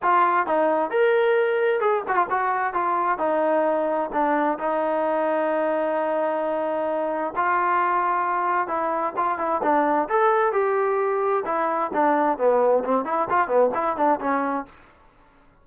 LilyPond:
\new Staff \with { instrumentName = "trombone" } { \time 4/4 \tempo 4 = 131 f'4 dis'4 ais'2 | gis'8 fis'16 f'16 fis'4 f'4 dis'4~ | dis'4 d'4 dis'2~ | dis'1 |
f'2. e'4 | f'8 e'8 d'4 a'4 g'4~ | g'4 e'4 d'4 b4 | c'8 e'8 f'8 b8 e'8 d'8 cis'4 | }